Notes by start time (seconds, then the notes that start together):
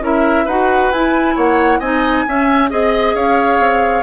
0.00 C#4 E4 A#4 E5
0.46 D#4 F#4 B4 F#5
0.92 E4 G#5
1.36 A#3 C#5 F#5
1.80 C4 D#4 D#5 G#5
2.28 C#4 E5
2.70 C4 G#4 D#5
3.15 C#4 C#5 F5
3.59 C4